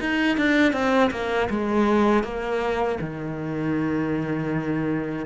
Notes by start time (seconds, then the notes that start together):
0.00 D#4
0.36 D4
0.73 C4
1.10 A#3
1.50 G#3
2.23 A#3
3.00 D#3